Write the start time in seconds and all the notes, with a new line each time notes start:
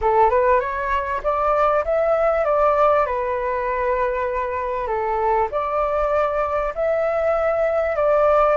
0.01 A4
0.29 B4
0.60 C#5
1.23 D5
1.85 E5
2.45 D5
3.06 B4
4.87 A4
5.51 D5
6.74 E5
7.96 D5